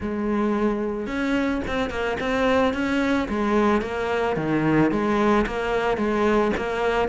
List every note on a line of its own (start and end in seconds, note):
0.00 1.06 G#3
1.06 1.61 C#4
1.67 1.90 C4
1.90 2.17 A#3
2.19 2.73 C4
2.73 3.28 C#4
3.29 3.81 G#3
3.81 4.36 A#3
4.36 4.91 D#3
4.91 5.45 G#3
5.46 5.97 A#3
5.97 6.51 G#3
6.56 7.08 A#3